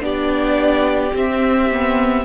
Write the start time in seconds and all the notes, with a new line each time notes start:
0.00 B3 D4 G4 D5
1.13 C4 E5
1.71 B3